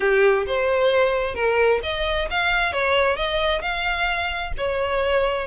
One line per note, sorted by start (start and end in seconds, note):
0.00 0.45 G4
0.46 1.35 C5
1.35 1.80 A#4
1.83 2.28 D#5
2.30 2.72 F5
2.72 3.16 C#5
3.16 3.61 D#5
3.61 4.52 F5
4.57 5.47 C#5